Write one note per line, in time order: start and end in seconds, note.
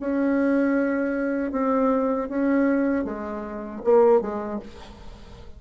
0.00 1.52 C#4
1.52 2.29 C4
2.29 3.04 C#4
3.04 3.81 G#3
3.84 4.21 A#3
4.21 4.59 G#3